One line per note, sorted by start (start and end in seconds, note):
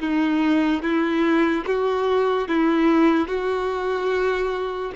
0.00 0.82 D#4
0.82 1.64 E4
1.66 2.48 F#4
2.48 3.27 E4
3.27 4.92 F#4